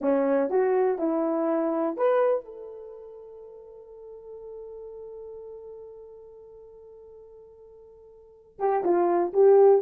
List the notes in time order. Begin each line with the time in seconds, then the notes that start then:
0.01 C#4
0.50 F#4
0.98 E4
1.96 B4
2.45 A4
8.59 G4
8.83 F4
9.33 G4